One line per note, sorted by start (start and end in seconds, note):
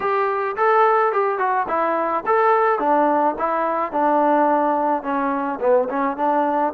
0.00 0.56 G4
0.56 1.12 A4
1.12 1.38 G4
1.38 1.66 F#4
1.67 2.24 E4
2.26 2.79 A4
2.79 3.35 D4
3.38 3.92 E4
3.92 5.03 D4
5.03 5.59 C#4
5.60 5.88 B3
5.89 6.17 C#4
6.17 6.73 D4